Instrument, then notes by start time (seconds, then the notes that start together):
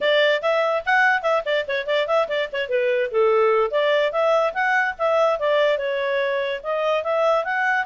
clarinet
0.00 D5
0.42 E5
0.85 F#5
1.22 E5
1.45 D5
1.67 C#5
1.86 D5
2.07 E5
2.28 D5
2.52 C#5
2.68 B4
3.11 A4
3.70 D5
4.12 E5
4.53 F#5
4.98 E5
5.39 D5
5.77 C#5
6.63 D#5
7.03 E5
7.44 F#5